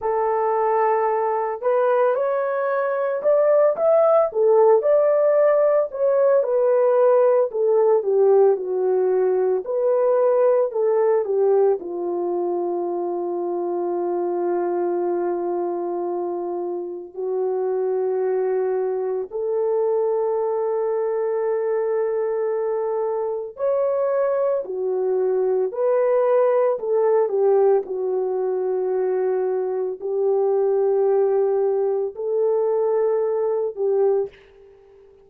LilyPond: \new Staff \with { instrumentName = "horn" } { \time 4/4 \tempo 4 = 56 a'4. b'8 cis''4 d''8 e''8 | a'8 d''4 cis''8 b'4 a'8 g'8 | fis'4 b'4 a'8 g'8 f'4~ | f'1 |
fis'2 a'2~ | a'2 cis''4 fis'4 | b'4 a'8 g'8 fis'2 | g'2 a'4. g'8 | }